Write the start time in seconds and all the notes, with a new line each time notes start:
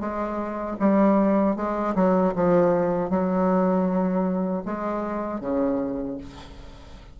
0.00 G#3
0.79 G3
1.56 G#3
1.95 F#3
2.35 F3
3.10 F#3
4.65 G#3
5.41 C#3